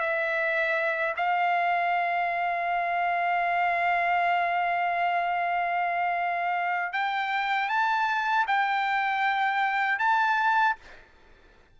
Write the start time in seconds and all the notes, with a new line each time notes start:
0.00 E5
1.17 F5
6.93 G5
7.69 A5
8.48 G5
9.99 A5